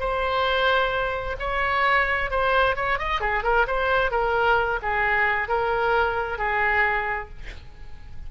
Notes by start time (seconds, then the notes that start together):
0.00 C5
1.39 C#5
2.31 C5
2.76 C#5
2.99 D#5
3.21 G#4
3.43 A#4
3.67 C5
4.11 A#4
4.82 G#4
5.48 A#4
6.38 G#4